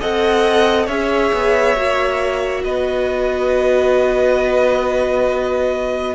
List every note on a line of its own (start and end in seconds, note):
0.00 0.87 C4
0.00 0.89 A4
0.00 0.85 D#5
0.00 0.88 F#5
0.85 1.31 C#4
0.85 1.76 G#4
0.85 2.62 C#5
0.85 2.64 E5
1.33 1.76 B3
1.76 2.64 A#3
1.76 6.15 F#4
2.64 6.15 B3
2.64 6.15 B4
2.64 6.15 D#5